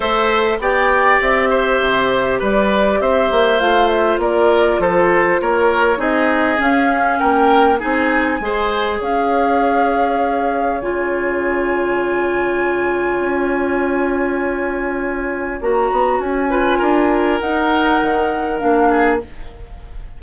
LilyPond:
<<
  \new Staff \with { instrumentName = "flute" } { \time 4/4 \tempo 4 = 100 e''4 g''4 e''2 | d''4 e''4 f''8 e''8 d''4 | c''4 cis''4 dis''4 f''4 | g''4 gis''2 f''4~ |
f''2 gis''2~ | gis''1~ | gis''2 ais''4 gis''4~ | gis''4 fis''2 f''4 | }
  \new Staff \with { instrumentName = "oboe" } { \time 4/4 c''4 d''4. c''4. | b'4 c''2 ais'4 | a'4 ais'4 gis'2 | ais'4 gis'4 c''4 cis''4~ |
cis''1~ | cis''1~ | cis''2.~ cis''8 b'8 | ais'2.~ ais'8 gis'8 | }
  \new Staff \with { instrumentName = "clarinet" } { \time 4/4 a'4 g'2.~ | g'2 f'2~ | f'2 dis'4 cis'4~ | cis'4 dis'4 gis'2~ |
gis'2 f'2~ | f'1~ | f'2 fis'4. f'8~ | f'4 dis'2 d'4 | }
  \new Staff \with { instrumentName = "bassoon" } { \time 4/4 a4 b4 c'4 c4 | g4 c'8 ais8 a4 ais4 | f4 ais4 c'4 cis'4 | ais4 c'4 gis4 cis'4~ |
cis'2 cis2~ | cis2 cis'2~ | cis'2 ais8 b8 cis'4 | d'4 dis'4 dis4 ais4 | }
>>